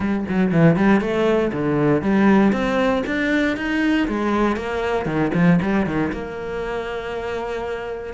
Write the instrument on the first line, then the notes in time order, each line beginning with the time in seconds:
cello
0.00 G3
0.28 F#3
0.52 E3
0.76 G3
1.00 A3
1.52 D3
2.02 G3
2.52 C4
3.06 D4
3.56 D#4
4.07 G#3
4.56 A#3
5.05 D#3
5.34 F3
5.62 G3
5.86 D#3
6.12 A#3